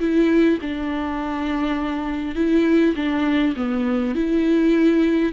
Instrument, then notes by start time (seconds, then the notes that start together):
viola
0.00 E4
0.62 D4
2.36 E4
2.96 D4
3.56 B3
4.15 E4